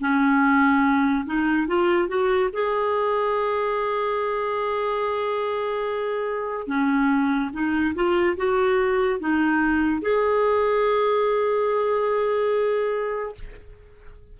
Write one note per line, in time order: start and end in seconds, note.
0.00 1.25 C#4
1.26 1.67 D#4
1.67 2.08 F4
2.08 2.50 F#4
2.53 6.67 G#4
6.67 7.50 C#4
7.53 7.95 D#4
7.95 8.36 F4
8.37 9.20 F#4
9.20 10.02 D#4
10.02 13.35 G#4